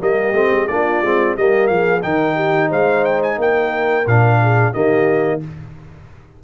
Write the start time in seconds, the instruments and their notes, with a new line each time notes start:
0.00 tuba G3, trombone A#3, horn G4, trumpet D#5
0.33 tuba A3, trombone C4
0.51 tuba G#3
0.68 tuba A#3, trombone D4, horn F4, trumpet D5
1.02 tuba G#3, trombone C4
1.37 tuba G3, trombone A#3, horn G4, trumpet D#5
1.67 tuba F3, horn G#4, trumpet F5
2.02 tuba D#3, trombone D#4, horn A#4, trumpet G5
2.36 horn G4
2.69 tuba G#3, horn C5, trumpet F5
3.05 trumpet G5
3.23 trumpet G#5
3.38 tuba A#3, horn A#4, trumpet G5
4.07 tuba A#2, trombone D4, trumpet F5
4.42 horn G#4
4.72 tuba D#3, trombone A#3, horn G4, trumpet D#5